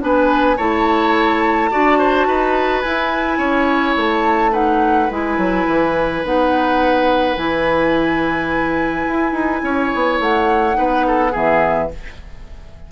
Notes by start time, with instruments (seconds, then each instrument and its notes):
0.00 bassoon B3, clarinet D4, oboe B4, flute G#5
0.57 bassoon A3, clarinet E4, oboe C#5, flute A5
1.70 bassoon D4, clarinet F#4, oboe D5
1.98 oboe C5
2.27 bassoon D#4, oboe B4
2.81 bassoon E4, clarinet E4, flute G#5
3.38 bassoon C#4, oboe C#5
3.96 bassoon A3, flute A5
4.52 clarinet D#4, oboe B4, flute F#5
5.10 bassoon G#3, clarinet E4, flute G#5
5.37 bassoon F#3
5.67 bassoon E3
6.24 bassoon B3, clarinet D#4, flute F#5
7.37 bassoon E3, clarinet E4, flute G#5
9.07 bassoon E4
9.32 bassoon D#4
9.63 bassoon C#4, oboe C#5
9.94 bassoon B3
10.20 bassoon A3, flute F#5
10.73 bassoon B3, clarinet D#4, oboe B4
11.07 oboe A4
11.31 bassoon E3, clarinet B3, oboe G#4, flute E5